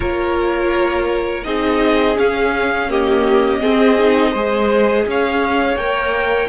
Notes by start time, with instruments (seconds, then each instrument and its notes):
0.00 cello A#3, viola F4, violin A#4 C#5
1.44 cello C4, viola D#4, violin G#4 D#5
2.15 viola C#4, cello C#4, violin F5
2.89 viola A#3, violin G4 D#5
3.60 viola C4, cello C4, violin G#4
3.98 viola D#4
4.31 cello G#3, viola G#4, violin C5
5.06 cello C#4, violin C#5 F5
5.76 cello A#3, viola A#4, violin G5